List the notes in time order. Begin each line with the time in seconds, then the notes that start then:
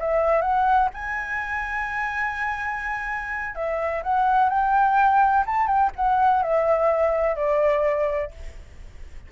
0.00 E5
0.42 F#5
0.94 G#5
3.55 E5
4.03 F#5
4.49 G5
5.47 A5
5.67 G5
5.96 F#5
6.43 E5
7.36 D5